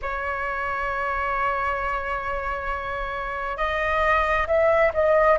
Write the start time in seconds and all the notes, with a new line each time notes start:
0.02 C#5
3.57 D#5
4.47 E5
4.93 D#5